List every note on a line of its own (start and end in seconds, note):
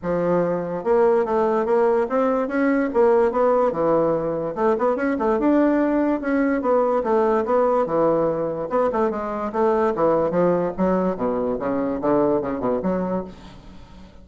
0.02 0.84 F3
0.84 1.25 A#3
1.25 1.65 A3
1.65 2.07 A#3
2.09 2.48 C4
2.48 2.89 C#4
2.93 3.31 A#3
3.31 3.72 B3
3.72 4.54 E3
4.55 4.76 A3
4.78 4.96 B3
4.96 5.16 C#4
5.18 5.39 A3
5.39 6.20 D4
6.20 6.61 C#4
6.61 7.03 B3
7.03 7.45 A3
7.45 7.86 B3
7.86 8.69 E3
8.69 8.90 B3
8.92 9.10 A3
9.10 9.52 G#3
9.52 9.93 A3
9.95 10.30 E3
10.30 10.72 F3
10.77 11.16 F#3
11.16 11.57 B2
11.59 12.00 C#3
12.01 12.41 D3
12.41 12.59 C#3
12.59 12.80 B2
12.83 13.24 F#3